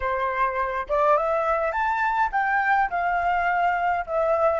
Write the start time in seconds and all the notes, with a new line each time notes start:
0.00 C5
0.89 D5
1.17 E5
1.72 A5
2.32 G5
2.90 F5
4.06 E5